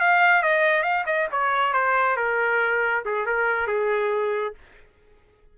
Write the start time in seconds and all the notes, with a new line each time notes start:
0.00 F5
0.42 D#5
0.83 F5
1.06 D#5
1.31 C#5
1.73 C5
2.16 A#4
3.05 G#4
3.26 A#4
3.67 G#4